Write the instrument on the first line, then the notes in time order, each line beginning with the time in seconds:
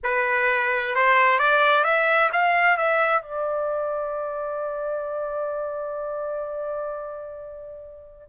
trumpet
0.03 B4
0.95 C5
1.38 D5
1.84 E5
2.32 F5
2.77 E5
3.22 D5